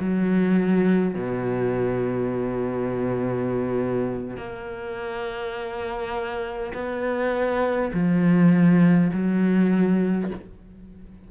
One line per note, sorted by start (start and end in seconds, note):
0.00 1.15 F#3
1.15 4.37 B2
4.37 6.73 A#3
6.74 7.92 B3
7.94 9.11 F3
9.13 10.31 F#3